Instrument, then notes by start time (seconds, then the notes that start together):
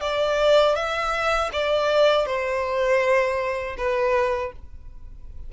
violin
0.00 D5
0.75 E5
1.52 D5
2.26 C5
3.77 B4